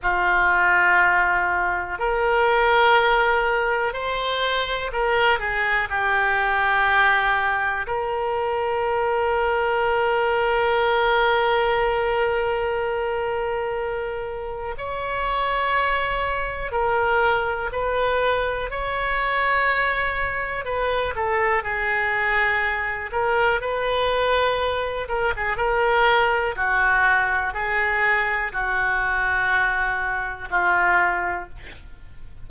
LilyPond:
\new Staff \with { instrumentName = "oboe" } { \time 4/4 \tempo 4 = 61 f'2 ais'2 | c''4 ais'8 gis'8 g'2 | ais'1~ | ais'2. cis''4~ |
cis''4 ais'4 b'4 cis''4~ | cis''4 b'8 a'8 gis'4. ais'8 | b'4. ais'16 gis'16 ais'4 fis'4 | gis'4 fis'2 f'4 | }